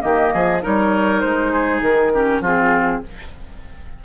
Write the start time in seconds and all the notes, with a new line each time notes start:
0.00 D#3 A#3 G4 D#5
0.33 F3 G#4
0.62 G3 D#4 A#4 C#5
1.21 G#3 C5
1.53 G#4
1.81 D#3 A#4
2.14 C#4 G4
2.41 F3 C4 F4 G#4